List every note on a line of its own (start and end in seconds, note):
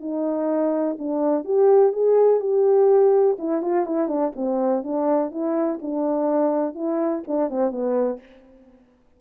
0.00 0.97 D#4
0.99 1.45 D4
1.45 1.93 G4
1.93 2.40 G#4
2.40 3.37 G4
3.39 3.62 E4
3.62 3.86 F4
3.86 4.08 E4
4.08 4.32 D4
4.36 4.83 C4
4.83 5.31 D4
5.31 5.79 E4
5.82 6.75 D4
6.75 7.23 E4
7.27 7.50 D4
7.50 7.71 C4
7.71 8.19 B3